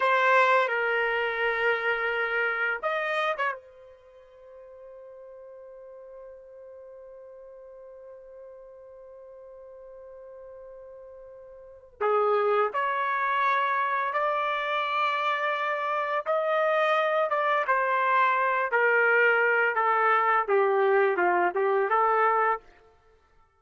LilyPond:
\new Staff \with { instrumentName = "trumpet" } { \time 4/4 \tempo 4 = 85 c''4 ais'2. | dis''8. cis''16 c''2.~ | c''1~ | c''1~ |
c''4 gis'4 cis''2 | d''2. dis''4~ | dis''8 d''8 c''4. ais'4. | a'4 g'4 f'8 g'8 a'4 | }